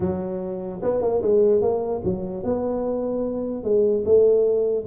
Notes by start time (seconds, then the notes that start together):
0.00 F#3
0.82 B3
1.01 A#3
1.21 G#3
1.61 A#3
2.04 F#3
2.43 B3
3.63 G#3
4.05 A3